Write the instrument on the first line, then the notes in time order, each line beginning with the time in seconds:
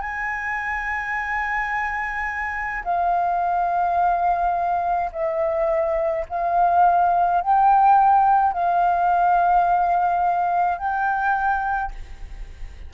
flute
0.00 G#5
2.84 F5
5.12 E5
6.29 F5
7.42 G5
8.53 F5
10.78 G5